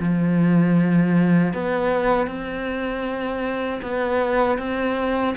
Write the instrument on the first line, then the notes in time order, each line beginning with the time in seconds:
cello
0.00 F3
1.54 B3
2.27 C4
3.83 B3
4.58 C4